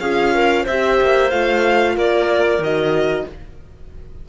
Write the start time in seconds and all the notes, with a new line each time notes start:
0.00 C#4 F4 G#4 F5
0.34 A#4
0.63 C4 C5 E5
0.69 G4
1.01 A#3
1.30 A3 F4 F5
1.96 A#3 A#4 D5
2.58 D#3 F#4 D#5